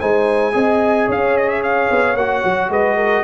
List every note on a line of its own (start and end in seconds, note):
0.00 0.55 G#3
0.00 0.53 D#4
0.00 0.54 C5
0.00 1.09 G#5
0.53 1.09 C4
0.53 2.15 G#4
0.53 1.07 D#5
1.07 1.90 C#4
1.07 2.70 C#5
1.07 1.37 F5
1.37 1.49 D#5
1.49 1.62 E5
1.63 2.17 F5
1.91 2.15 B3
2.15 2.42 A#3
2.15 3.24 F#4
2.15 2.71 F#5
2.45 2.69 F#3
2.69 3.23 G#3
2.69 2.96 B4
2.69 3.24 D#5
2.96 3.23 A#4